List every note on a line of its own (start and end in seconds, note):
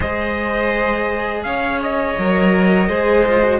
0.00 1.45 G#3
0.00 2.16 G#4
0.00 1.42 C5
0.00 1.43 D#5
1.43 2.17 C#4
1.43 2.88 C#5
1.43 1.79 F5
1.83 3.60 D#5
2.18 2.89 F#3
2.18 2.89 A#4
2.88 3.60 G#3
2.88 3.25 G#4
2.88 3.60 C5
3.26 3.42 F4
3.42 3.60 F#4